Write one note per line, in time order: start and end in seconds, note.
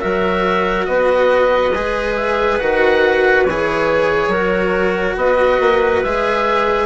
0.00 0.87 F#3
0.00 1.71 F#4
0.00 0.87 A#4
0.00 0.85 E5
0.85 1.73 B3
0.85 4.29 B4
0.85 2.14 D#5
1.73 2.59 G#3
1.73 2.60 G#4
2.15 2.58 E5
2.58 3.46 D#3
2.58 3.45 F#4
2.58 3.44 F#5
3.44 4.27 E3
3.44 5.15 C#5
3.50 4.33 G#4
4.27 5.13 F#3
4.27 6.04 F#4
4.27 5.15 A#4
5.16 5.59 B3
5.16 6.85 B4
5.16 6.03 D#5
5.60 6.02 A#3
6.03 6.85 G#3
6.03 6.85 G#4
6.03 6.85 E5